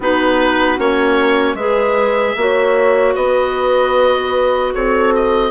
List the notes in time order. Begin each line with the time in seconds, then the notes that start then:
0.00 B3 D#4 F#4 B4
0.77 A#3 C#4 C#5
1.54 G#3 G#4 B4 E5
2.36 A#3 F#4 C#5
3.15 B3 B4 D#5
4.74 C4 A4 C#5
5.15 D#5